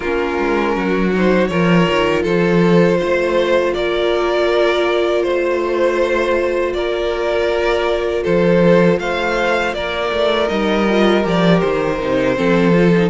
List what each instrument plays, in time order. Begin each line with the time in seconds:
0.00 cello A#3, viola C#4, violin F4 A#4
0.39 cello G#3
0.75 cello F#3, violin F#4
1.13 viola D#4, violin C5
1.47 cello F3, viola F4, violin A#4 C#5
1.90 cello D#3
2.22 cello F3, violin A4 C5
2.99 cello A3, violin C5
3.74 cello A#3, violin A#4 D5
5.22 cello A3, violin C5
6.73 cello A#3, violin A#4 D5
8.23 cello F3, violin A4 C5
8.98 cello A3, violin C5 F5
9.73 cello A#3, violin A#4 D5
10.12 cello A3
10.48 cello G3, viola D#4, violin D#5
10.88 viola F4
11.23 cello F3, viola G4, violin D5
11.59 cello D#3, violin C5
11.99 cello C3, viola D#4
12.35 cello F3, viola C4, violin A4
12.74 viola F4
12.95 viola D#4